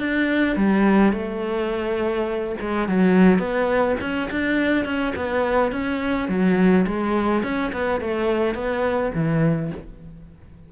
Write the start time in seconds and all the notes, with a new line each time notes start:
0.00 D4
0.57 G3
1.13 A3
2.61 G#3
2.89 F#3
3.39 B3
4.01 C#4
4.31 D4
4.86 C#4
5.16 B3
5.72 C#4
6.29 F#3
6.87 G#3
7.44 C#4
7.73 B3
8.01 A3
8.55 B3
9.15 E3